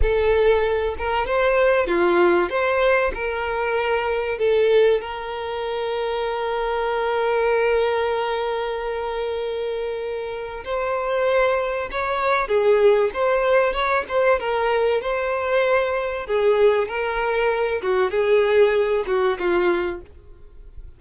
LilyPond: \new Staff \with { instrumentName = "violin" } { \time 4/4 \tempo 4 = 96 a'4. ais'8 c''4 f'4 | c''4 ais'2 a'4 | ais'1~ | ais'1~ |
ais'4 c''2 cis''4 | gis'4 c''4 cis''8 c''8 ais'4 | c''2 gis'4 ais'4~ | ais'8 fis'8 gis'4. fis'8 f'4 | }